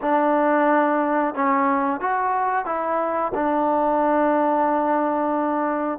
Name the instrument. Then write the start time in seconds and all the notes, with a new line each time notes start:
trombone
0.01 D4
1.35 C#4
2.00 F#4
2.65 E4
3.34 D4